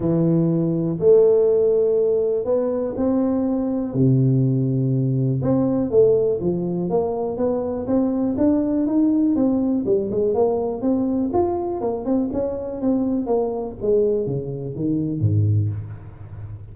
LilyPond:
\new Staff \with { instrumentName = "tuba" } { \time 4/4 \tempo 4 = 122 e2 a2~ | a4 b4 c'2 | c2. c'4 | a4 f4 ais4 b4 |
c'4 d'4 dis'4 c'4 | g8 gis8 ais4 c'4 f'4 | ais8 c'8 cis'4 c'4 ais4 | gis4 cis4 dis4 gis,4 | }